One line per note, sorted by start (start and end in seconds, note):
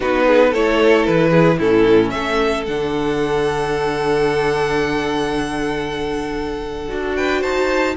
0.00 0.53 B3
0.00 0.53 D#4
0.00 0.24 F#4
0.00 0.53 B4
0.26 0.49 G#4
0.49 1.07 A3
0.49 1.60 E4
0.49 1.29 A4
0.49 1.05 C#5
1.05 1.59 E3
1.05 1.58 B4
1.30 1.56 G#4
1.58 2.12 A2
1.58 2.66 C#4
1.58 2.11 E4
1.58 2.10 A4
2.10 2.67 A3
2.10 7.16 A4
2.10 2.63 E5
2.65 6.91 D3
2.65 6.88 D4
2.65 7.16 F#5
6.88 7.43 D4
6.88 7.94 F#4
7.16 7.41 B4
7.16 7.42 G5
7.41 7.96 D#4
7.41 7.94 C5
7.41 7.95 A5